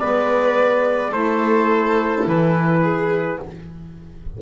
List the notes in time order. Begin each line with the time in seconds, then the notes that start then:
0.00 G#3 B3 B4 D5
1.11 A3 E4 A4 C5
2.27 E3 B4
2.83 G#4